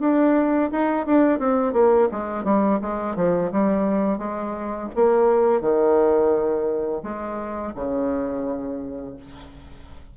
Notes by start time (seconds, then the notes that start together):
0.00 D4
0.71 D#4
1.07 D4
1.39 C4
1.73 A#3
2.11 G#3
2.44 G3
2.81 G#3
3.16 F3
3.52 G3
4.18 G#3
4.96 A#3
5.61 D#3
7.03 G#3
7.75 C#3